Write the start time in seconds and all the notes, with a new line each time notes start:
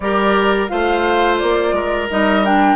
0.00 G3 G4 A#4 D5
0.68 A3 F4 C5 F5
1.38 A#3 D5
1.73 G#3 A#4
2.10 G3 D#4 D#5
2.44 D4 G5